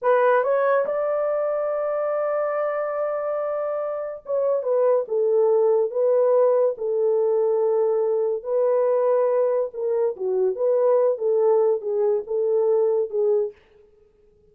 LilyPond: \new Staff \with { instrumentName = "horn" } { \time 4/4 \tempo 4 = 142 b'4 cis''4 d''2~ | d''1~ | d''2 cis''4 b'4 | a'2 b'2 |
a'1 | b'2. ais'4 | fis'4 b'4. a'4. | gis'4 a'2 gis'4 | }